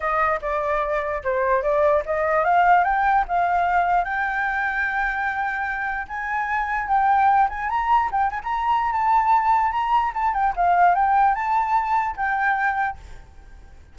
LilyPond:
\new Staff \with { instrumentName = "flute" } { \time 4/4 \tempo 4 = 148 dis''4 d''2 c''4 | d''4 dis''4 f''4 g''4 | f''2 g''2~ | g''2. gis''4~ |
gis''4 g''4. gis''8 ais''4 | g''8 gis''16 ais''4~ ais''16 a''2 | ais''4 a''8 g''8 f''4 g''4 | a''2 g''2 | }